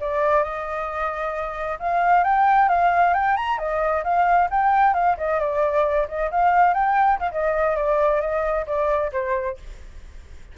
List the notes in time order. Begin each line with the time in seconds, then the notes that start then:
0.00 D5
0.43 D#5
1.79 F5
2.24 G5
2.68 F5
3.14 G5
3.36 A#5
3.58 D#5
4.04 F5
4.50 G5
4.94 F5
5.17 D#5
5.40 D5
6.08 D#5
6.31 F5
6.74 G5
7.19 F5
7.31 D#5
7.76 D5
8.21 D#5
8.66 D5
9.12 C5